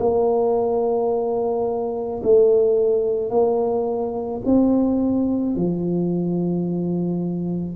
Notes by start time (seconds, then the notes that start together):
0.00 A#3
2.23 A3
3.30 A#3
4.46 C4
5.56 F3